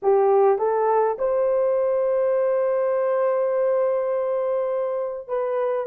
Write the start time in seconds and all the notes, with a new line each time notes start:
0.02 G4
0.58 A4
1.18 C5
5.28 B4